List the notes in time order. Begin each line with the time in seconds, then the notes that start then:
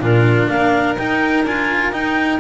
0.00 A#2 D4 F4 A#4
0.48 A#3 A#4 F5
0.97 D#4 G5
1.44 D4 F4 G#5
1.92 D#4 G5